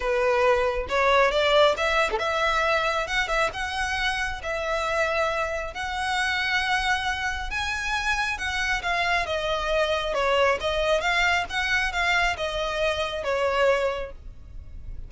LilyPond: \new Staff \with { instrumentName = "violin" } { \time 4/4 \tempo 4 = 136 b'2 cis''4 d''4 | e''8. a'16 e''2 fis''8 e''8 | fis''2 e''2~ | e''4 fis''2.~ |
fis''4 gis''2 fis''4 | f''4 dis''2 cis''4 | dis''4 f''4 fis''4 f''4 | dis''2 cis''2 | }